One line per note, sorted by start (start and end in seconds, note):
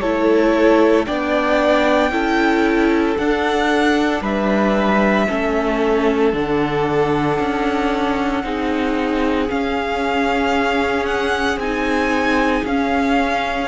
0.00 1.07 A3
0.00 1.06 E4
0.00 1.06 A4
0.00 1.05 C#5
1.06 2.11 B3
1.06 2.11 D4
1.06 2.11 D5
1.06 3.17 G5
2.11 3.16 C#4
2.11 3.16 E4
2.11 4.22 A4
3.17 4.21 D4
3.17 5.28 D4
3.17 4.22 F#5
4.21 5.26 G3
4.21 5.27 B4
4.21 6.35 E5
5.27 6.33 A3
5.27 6.32 C#4
5.27 8.43 A4
6.32 7.38 D3
6.32 8.43 D4
6.32 9.50 F#5
7.39 8.43 C#4
8.43 9.49 C4
8.43 9.49 D#4
8.43 13.68 G#4
9.49 11.60 C#4
9.49 11.57 C#4
9.49 11.05 F5
11.05 11.58 F#5
11.57 12.63 C4
11.57 12.67 D#4
11.57 12.65 G#5
12.64 13.68 C#4
12.64 13.68 F5